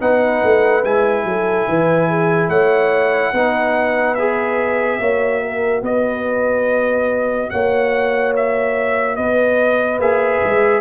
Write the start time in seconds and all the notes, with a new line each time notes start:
0.00 B3 D#4 B4 F#5
0.43 A3
0.84 G#3 E4 G#5
1.24 F#3 A4
1.68 E3 B4
2.08 G#4
2.48 A3 C#5 F#5
3.32 B3 D#4 B4
4.14 G#4 E5
4.99 A#3 F#4 C#5
5.41 A#4
5.82 B3 B4 D#5
7.50 A#3 C#5 F#5
8.35 E5
9.15 B3 B4 D#5
9.99 A#3 G#4 E5
10.43 G#3